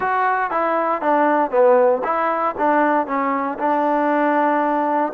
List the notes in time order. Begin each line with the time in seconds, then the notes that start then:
0.00 F#4
0.50 E4
1.01 D4
1.50 B3
2.04 E4
2.58 D4
3.07 C#4
3.59 D4